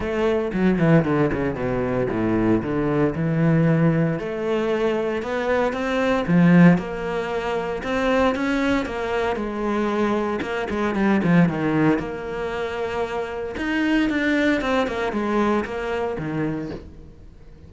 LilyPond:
\new Staff \with { instrumentName = "cello" } { \time 4/4 \tempo 4 = 115 a4 fis8 e8 d8 cis8 b,4 | a,4 d4 e2 | a2 b4 c'4 | f4 ais2 c'4 |
cis'4 ais4 gis2 | ais8 gis8 g8 f8 dis4 ais4~ | ais2 dis'4 d'4 | c'8 ais8 gis4 ais4 dis4 | }